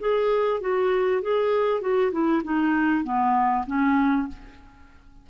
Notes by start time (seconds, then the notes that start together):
0.00 G#4
0.61 F#4
1.22 G#4
1.81 F#4
2.12 E4
2.44 D#4
3.04 B3
3.67 C#4